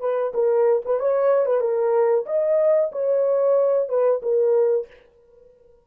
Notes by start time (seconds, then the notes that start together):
0.00 B4
0.34 A#4
0.85 B4
0.99 C#5
1.46 B4
1.60 A#4
2.26 D#5
2.92 C#5
3.89 B4
4.22 A#4